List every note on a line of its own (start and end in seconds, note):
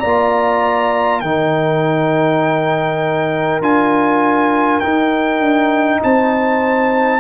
0.00 1.22 A#3
0.00 1.24 F4
0.00 1.20 D5
0.00 1.20 A#5
1.20 3.61 D#3
1.20 3.62 D#4
1.20 6.01 A#4
1.20 3.60 G5
3.61 4.81 D4
3.61 4.82 F4
3.61 4.80 G#5
4.80 7.20 D#4
4.80 5.40 D#4
4.80 6.00 G5
5.40 6.00 D4
6.03 7.20 C4
6.03 7.20 C5
6.03 7.20 A5